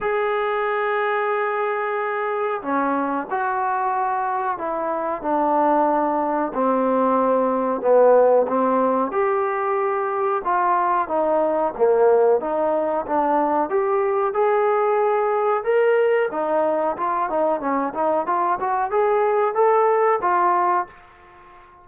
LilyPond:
\new Staff \with { instrumentName = "trombone" } { \time 4/4 \tempo 4 = 92 gis'1 | cis'4 fis'2 e'4 | d'2 c'2 | b4 c'4 g'2 |
f'4 dis'4 ais4 dis'4 | d'4 g'4 gis'2 | ais'4 dis'4 f'8 dis'8 cis'8 dis'8 | f'8 fis'8 gis'4 a'4 f'4 | }